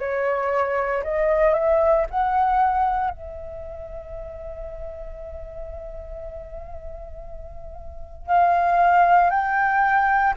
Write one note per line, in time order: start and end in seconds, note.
0.00 1.03 C#5
1.04 1.54 D#5
1.54 2.06 E5
2.10 3.11 F#5
3.11 8.27 E5
8.27 9.31 F5
9.31 10.34 G5